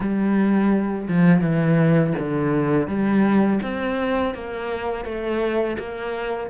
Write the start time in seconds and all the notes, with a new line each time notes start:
0.00 G3
1.08 F3
1.41 E3
2.19 D3
2.87 G3
3.62 C4
4.34 A#3
5.04 A3
5.78 A#3